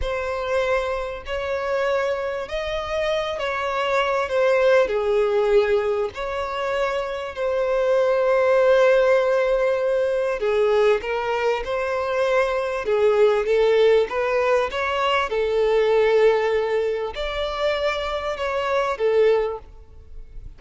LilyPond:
\new Staff \with { instrumentName = "violin" } { \time 4/4 \tempo 4 = 98 c''2 cis''2 | dis''4. cis''4. c''4 | gis'2 cis''2 | c''1~ |
c''4 gis'4 ais'4 c''4~ | c''4 gis'4 a'4 b'4 | cis''4 a'2. | d''2 cis''4 a'4 | }